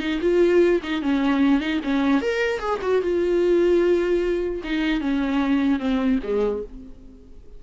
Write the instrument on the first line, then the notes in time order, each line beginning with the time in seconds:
viola
0.00 D#4
0.22 F4
0.83 D#4
1.02 C#4
1.60 D#4
1.84 C#4
2.22 A#4
2.60 G#4
2.82 F#4
3.02 F4
4.64 D#4
5.01 C#4
5.80 C4
6.23 G#3